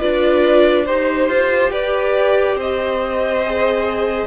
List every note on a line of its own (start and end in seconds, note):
0.00 0.89 D4
0.00 0.86 F4
0.00 0.86 B4
0.00 0.86 D5
0.86 1.29 D#4
0.86 3.44 G4
0.86 1.71 C5
1.29 1.71 F4
1.71 2.56 G4
1.71 2.56 B4
1.71 2.58 D5
2.56 4.27 C4
2.56 4.27 C5
2.56 4.27 D#5
3.46 4.27 G#4